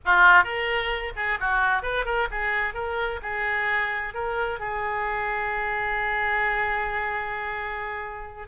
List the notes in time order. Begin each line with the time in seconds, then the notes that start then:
0.05 F4
0.44 A#4
1.16 G#4
1.39 F#4
1.82 B4
2.05 A#4
2.30 G#4
2.74 A#4
3.22 G#4
4.13 A#4
4.59 G#4